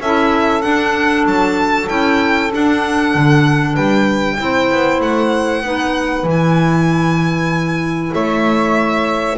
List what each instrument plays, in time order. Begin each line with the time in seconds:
0.00 double bass C#4, clarinet E4, saxophone A4, violin E5
0.61 clarinet D4, double bass D4, violin F#5
1.25 double bass F#3, violin A5
1.88 double bass C#4, clarinet E4, violin G5
2.50 clarinet D4, double bass D4, violin F#5
3.14 double bass D3
3.73 double bass G3, saxophone B4, violin G5
4.38 double bass C4, clarinet E4, saxophone C5
4.71 double bass B3
5.00 double bass A3, violin F#5
5.61 double bass B3, clarinet D#4, saxophone B4
6.23 double bass E3, clarinet E4
6.30 violin G#5
8.12 double bass A3, saxophone C#5, violin E5